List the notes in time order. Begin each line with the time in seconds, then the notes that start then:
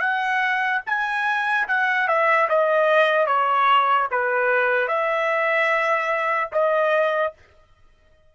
0.00 F#5
0.86 G#5
1.67 F#5
2.07 E5
2.49 D#5
3.27 C#5
4.11 B4
4.88 E5
6.52 D#5